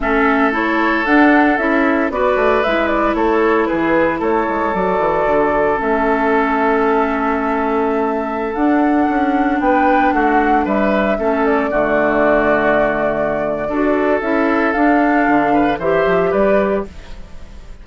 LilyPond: <<
  \new Staff \with { instrumentName = "flute" } { \time 4/4 \tempo 4 = 114 e''4 cis''4 fis''4 e''4 | d''4 e''8 d''8 cis''4 b'4 | cis''4 d''2 e''4~ | e''1~ |
e''16 fis''2 g''4 fis''8.~ | fis''16 e''4. d''2~ d''16~ | d''2. e''4 | f''2 e''4 d''4 | }
  \new Staff \with { instrumentName = "oboe" } { \time 4/4 a'1 | b'2 a'4 gis'4 | a'1~ | a'1~ |
a'2~ a'16 b'4 fis'8.~ | fis'16 b'4 a'4 fis'4.~ fis'16~ | fis'2 a'2~ | a'4. b'8 c''4 b'4 | }
  \new Staff \with { instrumentName = "clarinet" } { \time 4/4 cis'4 e'4 d'4 e'4 | fis'4 e'2.~ | e'4 fis'2 cis'4~ | cis'1~ |
cis'16 d'2.~ d'8.~ | d'4~ d'16 cis'4 a4.~ a16~ | a2 fis'4 e'4 | d'2 g'2 | }
  \new Staff \with { instrumentName = "bassoon" } { \time 4/4 a2 d'4 cis'4 | b8 a8 gis4 a4 e4 | a8 gis8 fis8 e8 d4 a4~ | a1~ |
a16 d'4 cis'4 b4 a8.~ | a16 g4 a4 d4.~ d16~ | d2 d'4 cis'4 | d'4 d4 e8 f8 g4 | }
>>